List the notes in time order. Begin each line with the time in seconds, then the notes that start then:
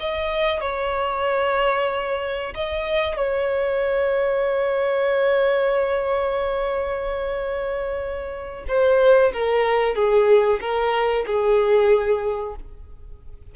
0.00 D#5
0.60 C#5
2.55 D#5
3.17 C#5
8.68 C5
9.33 A#4
9.95 G#4
10.61 A#4
11.26 G#4